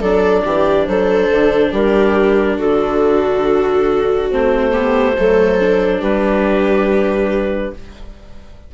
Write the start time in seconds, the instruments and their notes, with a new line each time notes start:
0.00 bassoon F#3, viola D4 A4, clarinet D5
0.44 bassoon E3, viola G4
0.86 bassoon F#3, viola A4, clarinet C5
1.31 bassoon D3
1.72 bassoon G3, viola G4, clarinet A#4
2.57 bassoon D3, viola F#4, clarinet A4
4.30 bassoon A3, viola C4, clarinet C5
4.71 viola B3 G4
5.16 bassoon F#3, viola A3 A4
5.60 viola D4
6.00 bassoon G3, viola G4, clarinet B4